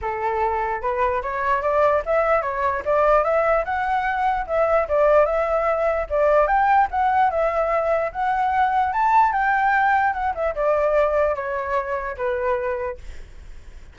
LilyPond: \new Staff \with { instrumentName = "flute" } { \time 4/4 \tempo 4 = 148 a'2 b'4 cis''4 | d''4 e''4 cis''4 d''4 | e''4 fis''2 e''4 | d''4 e''2 d''4 |
g''4 fis''4 e''2 | fis''2 a''4 g''4~ | g''4 fis''8 e''8 d''2 | cis''2 b'2 | }